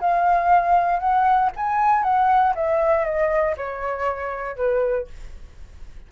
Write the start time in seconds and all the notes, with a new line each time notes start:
0.00 F5
0.99 F#5
1.56 G#5
2.03 F#5
2.55 E5
3.04 D#5
3.57 C#5
4.56 B4